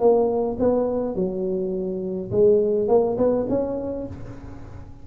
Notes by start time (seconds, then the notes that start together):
0.00 A#3
0.59 B3
1.16 F#3
2.32 G#3
2.88 A#3
3.18 B3
3.49 C#4